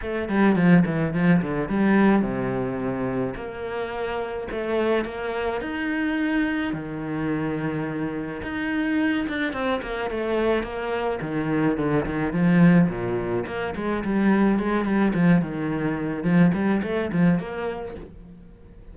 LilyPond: \new Staff \with { instrumentName = "cello" } { \time 4/4 \tempo 4 = 107 a8 g8 f8 e8 f8 d8 g4 | c2 ais2 | a4 ais4 dis'2 | dis2. dis'4~ |
dis'8 d'8 c'8 ais8 a4 ais4 | dis4 d8 dis8 f4 ais,4 | ais8 gis8 g4 gis8 g8 f8 dis8~ | dis4 f8 g8 a8 f8 ais4 | }